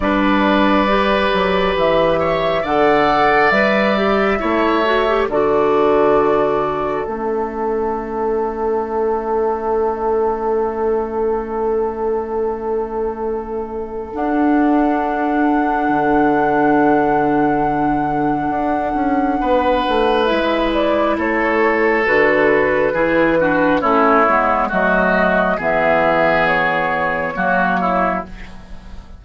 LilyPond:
<<
  \new Staff \with { instrumentName = "flute" } { \time 4/4 \tempo 4 = 68 d''2 e''4 fis''4 | e''2 d''2 | e''1~ | e''1 |
fis''1~ | fis''2. e''8 d''8 | cis''4 b'2 cis''4 | dis''4 e''4 cis''2 | }
  \new Staff \with { instrumentName = "oboe" } { \time 4/4 b'2~ b'8 cis''8 d''4~ | d''4 cis''4 a'2~ | a'1~ | a'1~ |
a'1~ | a'2 b'2 | a'2 gis'8 fis'8 e'4 | fis'4 gis'2 fis'8 e'8 | }
  \new Staff \with { instrumentName = "clarinet" } { \time 4/4 d'4 g'2 a'4 | b'8 g'8 e'8 fis'16 g'16 fis'2 | cis'1~ | cis'1 |
d'1~ | d'2. e'4~ | e'4 fis'4 e'8 d'8 cis'8 b8 | a4 b2 ais4 | }
  \new Staff \with { instrumentName = "bassoon" } { \time 4/4 g4. fis8 e4 d4 | g4 a4 d2 | a1~ | a1 |
d'2 d2~ | d4 d'8 cis'8 b8 a8 gis4 | a4 d4 e4 a8 gis8 | fis4 e2 fis4 | }
>>